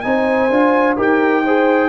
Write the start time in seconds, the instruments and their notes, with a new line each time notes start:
0.00 tuba C4, trombone D#4, trumpet G#5
0.07 horn C5
0.50 tuba D4, trombone F4
0.96 tuba D#4, trombone G4, horn A#4, trumpet G5
1.44 trombone G#4, horn C5